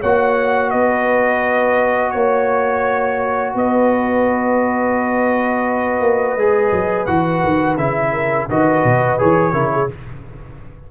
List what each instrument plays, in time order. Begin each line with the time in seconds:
0.00 tuba A#3, trombone F#4, horn C#5, trumpet F#5
0.70 tuba B3, horn B4, trumpet D#5
2.11 tuba A#3, trumpet C#5, horn C#5
3.55 tuba B3, horn B4, trumpet D#5
6.01 tuba A#3
6.36 tuba G#3, trombone G#4
6.72 tuba F#3
7.06 tuba E3, trombone F#4, trumpet F#5
7.44 tuba D#3
7.77 tuba C#3, trombone E4, trumpet E5
8.12 horn A#4
8.49 tuba D#3, trombone F#4, horn B4, trumpet D#5
8.84 tuba B2
9.19 tuba E3, trombone G#4, trumpet C#5
9.53 tuba C#3, trombone E4, horn A#4
9.72 horn G#4